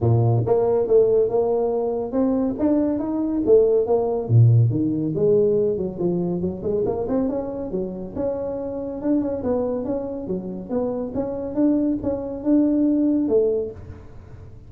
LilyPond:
\new Staff \with { instrumentName = "tuba" } { \time 4/4 \tempo 4 = 140 ais,4 ais4 a4 ais4~ | ais4 c'4 d'4 dis'4 | a4 ais4 ais,4 dis4 | gis4. fis8 f4 fis8 gis8 |
ais8 c'8 cis'4 fis4 cis'4~ | cis'4 d'8 cis'8 b4 cis'4 | fis4 b4 cis'4 d'4 | cis'4 d'2 a4 | }